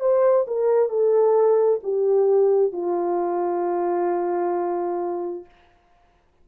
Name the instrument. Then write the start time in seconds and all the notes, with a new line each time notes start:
horn
0.00 C5
0.47 A#4
0.89 A4
1.83 G4
2.73 F4